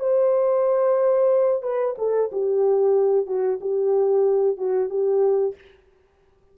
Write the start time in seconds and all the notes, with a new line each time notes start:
0.00 C5
1.63 B4
1.98 A4
2.32 G4
3.27 F#4
3.61 G4
4.57 F#4
4.90 G4